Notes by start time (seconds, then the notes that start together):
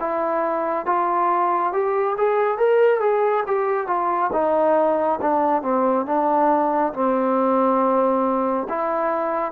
0.00 E4
0.86 F4
1.73 G4
2.18 G#4
2.58 A#4
3.00 G#4
3.47 G4
3.87 F4
4.33 D#4
5.22 D4
5.62 C4
6.06 D4
6.94 C4
8.69 E4